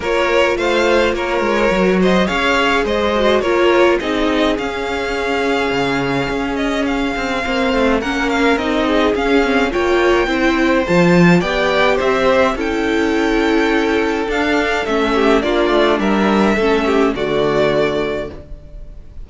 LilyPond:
<<
  \new Staff \with { instrumentName = "violin" } { \time 4/4 \tempo 4 = 105 cis''4 f''4 cis''4. dis''8 | f''4 dis''4 cis''4 dis''4 | f''2.~ f''8 dis''8 | f''2 fis''8 f''8 dis''4 |
f''4 g''2 a''4 | g''4 e''4 g''2~ | g''4 f''4 e''4 d''4 | e''2 d''2 | }
  \new Staff \with { instrumentName = "violin" } { \time 4/4 ais'4 c''4 ais'4. c''8 | cis''4 c''4 ais'4 gis'4~ | gis'1~ | gis'4 c''4 ais'4. gis'8~ |
gis'4 cis''4 c''2 | d''4 c''4 a'2~ | a'2~ a'8 g'8 f'4 | ais'4 a'8 g'8 fis'2 | }
  \new Staff \with { instrumentName = "viola" } { \time 4/4 f'2. fis'4 | gis'4. fis'8 f'4 dis'4 | cis'1~ | cis'4 c'4 cis'4 dis'4 |
cis'8 c'8 f'4 e'4 f'4 | g'2 e'2~ | e'4 d'4 cis'4 d'4~ | d'4 cis'4 a2 | }
  \new Staff \with { instrumentName = "cello" } { \time 4/4 ais4 a4 ais8 gis8 fis4 | cis'4 gis4 ais4 c'4 | cis'2 cis4 cis'4~ | cis'8 c'8 ais8 a8 ais4 c'4 |
cis'4 ais4 c'4 f4 | b4 c'4 cis'2~ | cis'4 d'4 a4 ais8 a8 | g4 a4 d2 | }
>>